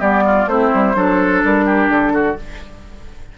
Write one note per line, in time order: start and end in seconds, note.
0.00 0.46 G3
0.00 0.48 B3
0.00 0.24 G4
0.00 0.48 D5
0.25 0.49 F4
0.46 0.70 A3
0.46 0.95 C4
0.46 0.97 E4
0.46 1.43 C5
0.75 0.96 G3
0.95 1.43 F#3
0.95 2.37 D4
0.95 1.66 A4
1.44 1.89 G3
1.44 1.91 A#4
1.66 2.13 G4
1.89 2.36 D3
1.89 2.38 A4
2.13 2.37 F#4